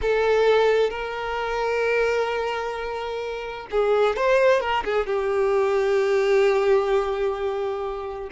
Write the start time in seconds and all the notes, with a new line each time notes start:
0.01 A4
0.90 A#4
3.70 G#4
4.16 C5
4.60 A#4
4.84 G#4
5.06 G4